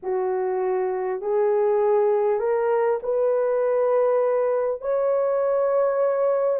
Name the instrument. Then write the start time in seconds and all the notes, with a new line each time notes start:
horn
0.03 F#4
1.21 G#4
2.39 A#4
3.03 B4
4.81 C#5